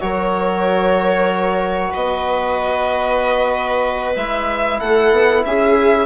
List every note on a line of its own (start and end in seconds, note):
0.00 1.93 F#3
0.00 4.15 F#4
0.00 1.91 A#4
0.00 1.92 C#5
1.91 4.16 B3
1.91 4.78 B4
1.91 4.16 D#5
4.15 4.80 G#3
4.15 6.05 E4
4.15 4.80 E5
4.80 5.11 A3
4.80 5.44 A4
4.80 5.43 F#5
5.11 5.43 B3
5.45 6.05 C#4
5.45 6.05 G#4
5.45 6.05 E5